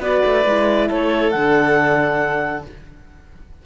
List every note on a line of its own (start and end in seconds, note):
0.00 0.22 B3
0.00 0.45 F#4
0.00 0.88 B4
0.00 0.90 D5
0.26 0.46 A3
0.46 0.90 G#3
0.46 1.34 E4
0.88 1.35 A3
0.88 2.64 A4
0.88 1.31 C#5
1.31 2.66 D3
1.31 2.66 D4
1.31 2.63 F#5